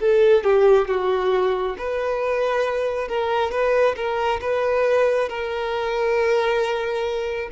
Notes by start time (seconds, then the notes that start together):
0.00 A4
0.44 G4
0.88 F#4
1.78 B4
3.08 A#4
3.51 B4
3.96 A#4
4.41 B4
5.29 A#4